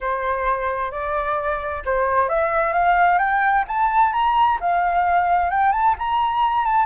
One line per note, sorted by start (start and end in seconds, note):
0.00 0.91 C5
0.91 1.82 D5
1.85 2.28 C5
2.28 2.73 E5
2.73 3.18 F5
3.18 3.64 G5
3.67 4.12 A5
4.12 4.58 A#5
4.60 5.50 F5
5.50 5.72 G5
5.72 5.95 A5
5.98 6.65 A#5
6.65 6.85 A5